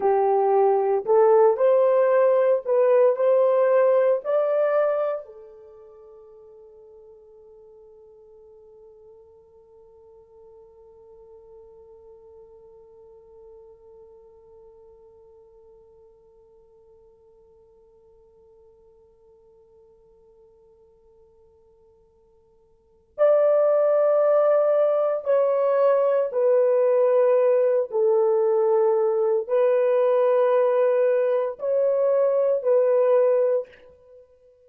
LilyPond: \new Staff \with { instrumentName = "horn" } { \time 4/4 \tempo 4 = 57 g'4 a'8 c''4 b'8 c''4 | d''4 a'2.~ | a'1~ | a'1~ |
a'1~ | a'2 d''2 | cis''4 b'4. a'4. | b'2 cis''4 b'4 | }